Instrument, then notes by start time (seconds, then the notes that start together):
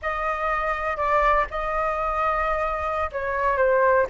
flute
0.02 D#5
0.96 D5
1.50 D#5
3.12 C#5
3.57 C5